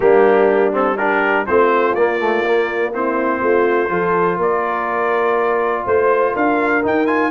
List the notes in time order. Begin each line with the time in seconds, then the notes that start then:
0.00 G3 A#3 D4 G4
0.72 C4 A4
0.96 D4 G4 A#4
1.46 A3 C4 F4 C5
1.94 A#3 D5
2.19 A3
2.44 A#3
2.92 C4 E4 C5
3.41 A3 F4
3.89 F3 F4 A4
4.37 A#3 A#4 D5
5.85 A3 C5
6.33 D4 A#4 F5
6.82 D#4 G5
7.06 F4 G#5